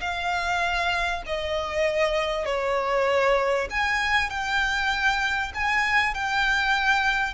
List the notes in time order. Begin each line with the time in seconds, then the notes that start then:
0.00 F5
1.26 D#5
2.45 C#5
3.70 G#5
4.29 G5
5.54 G#5
6.14 G5